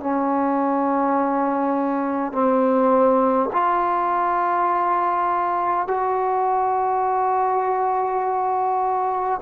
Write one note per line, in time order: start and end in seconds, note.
0.00 2.32 C#4
2.32 3.50 C4
3.52 5.87 F4
5.87 9.40 F#4